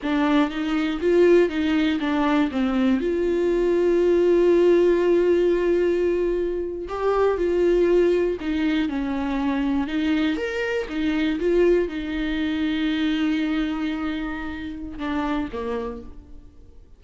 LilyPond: \new Staff \with { instrumentName = "viola" } { \time 4/4 \tempo 4 = 120 d'4 dis'4 f'4 dis'4 | d'4 c'4 f'2~ | f'1~ | f'4.~ f'16 g'4 f'4~ f'16~ |
f'8. dis'4 cis'2 dis'16~ | dis'8. ais'4 dis'4 f'4 dis'16~ | dis'1~ | dis'2 d'4 ais4 | }